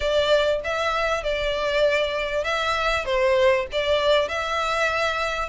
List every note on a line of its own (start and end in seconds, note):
0.00 0.60 D5
0.64 1.23 E5
1.23 2.44 D5
2.44 3.05 E5
3.05 3.66 C5
3.72 4.28 D5
4.28 5.49 E5